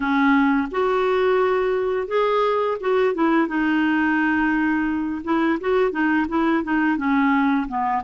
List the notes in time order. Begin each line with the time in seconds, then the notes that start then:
0.00 C#4
0.71 F#4
2.07 G#4
2.80 F#4
3.14 E4
3.47 D#4
5.24 E4
5.60 F#4
5.91 D#4
6.28 E4
6.63 D#4
6.97 C#4
7.67 B3